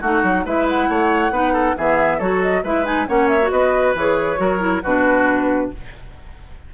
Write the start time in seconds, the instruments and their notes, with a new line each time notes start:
0.00 bassoon A3, clarinet D#4, oboe F#4, flute F#5
0.23 bassoon F#3
0.45 bassoon G#3, clarinet E4, oboe B4, flute E5
0.69 flute F#5
0.89 bassoon A3, oboe C#5
1.30 bassoon B3, clarinet D#4, oboe B4
1.53 oboe A4
1.77 bassoon E3, clarinet B3, oboe G#4, flute E5
2.17 bassoon F#3, clarinet F#4, oboe A4, flute C#5
2.42 flute D#5
2.63 bassoon G#3, clarinet E4, oboe B4, flute E5
2.84 clarinet D#4, flute G#5
3.08 bassoon A#3, clarinet C#4, oboe C#5, flute F#5
3.28 flute E5
3.41 clarinet F#4
3.51 bassoon B3, oboe B4, flute D#5
3.95 bassoon E3, clarinet G#4, flute C#5
4.37 bassoon F#3, clarinet F#4, oboe A#4
4.59 clarinet E4
4.83 bassoon B2, clarinet D4, oboe F#4, flute B4